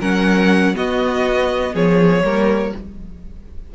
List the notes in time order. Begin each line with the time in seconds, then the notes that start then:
0.00 F#3 C#4 A#4 F#5
0.74 B3 F#4 D#5
1.74 F3 G#4 C#5
2.23 G3 A#3 A#4